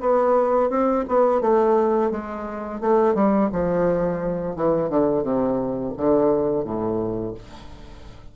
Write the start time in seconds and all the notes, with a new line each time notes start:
0.00 B3
0.69 C4
1.08 B3
1.41 A3
2.11 G#3
2.81 A3
3.15 G3
3.52 F3
4.56 E3
4.89 D3
5.23 C3
5.97 D3
6.64 A2